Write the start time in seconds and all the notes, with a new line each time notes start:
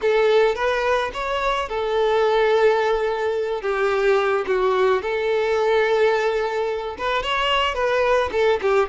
0.01 A4
0.55 B4
1.13 C#5
1.68 A4
3.61 G4
4.46 F#4
5.02 A4
6.97 B4
7.22 C#5
7.74 B4
8.32 A4
8.61 G4